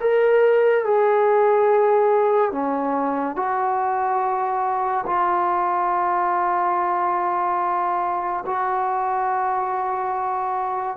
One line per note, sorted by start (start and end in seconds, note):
0.00 0.84 A#4
0.84 2.51 G#4
2.51 3.36 C#4
3.36 5.05 F#4
5.06 8.44 F4
8.45 10.96 F#4